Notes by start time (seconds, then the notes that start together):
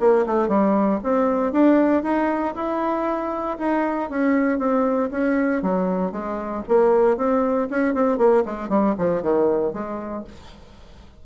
0.00 A#3
0.26 A3
0.49 G3
1.04 C4
1.52 D4
2.03 D#4
2.55 E4
3.59 D#4
4.10 C#4
4.59 C4
5.11 C#4
5.62 F#3
6.12 G#3
6.69 A#3
7.17 C4
7.70 C#4
7.94 C4
8.18 A#3
8.45 G#3
8.69 G3
8.98 F3
9.22 D#3
9.73 G#3